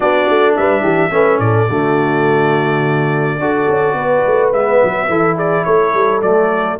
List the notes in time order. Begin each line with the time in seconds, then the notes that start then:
0.00 B3 D4 F#4 D5
0.28 A3
0.56 G3 B4 E5
0.81 E3 G4
1.10 A3 C#4 B4
1.39 A2 A4 D5
1.69 D3 A3 F#4
3.38 D4 F#4 A4
3.68 C#4
3.93 B3 B4
4.25 A3
4.52 G#3 B3 E5
4.83 F#3
5.08 E3 E4 A4
5.36 G#4 D5
5.64 A3 A4 C#5
5.94 G3
6.22 F#3 A3 D5